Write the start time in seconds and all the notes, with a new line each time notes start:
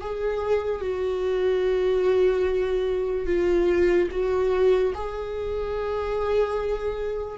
0.00 G#4
0.80 F#4
3.26 F4
4.11 F#4
4.94 G#4